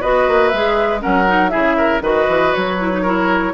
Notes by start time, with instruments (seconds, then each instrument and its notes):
0.00 bassoon B3, clarinet F#4, oboe B4, flute D#5
0.28 bassoon A#3
0.49 bassoon G#3, clarinet G#4, flute E5
0.99 bassoon F#3, clarinet C#4, oboe A#4, flute F#5
1.27 clarinet D#4
1.49 bassoon C#3, clarinet E4, oboe G#4, flute E5
1.77 oboe A#4
2.01 bassoon D#3, clarinet F#4, oboe B4, flute D#5
2.28 bassoon E3
2.53 bassoon F#3, flute C#5
2.79 clarinet E4
2.91 clarinet D#4
3.02 clarinet E4, oboe A#4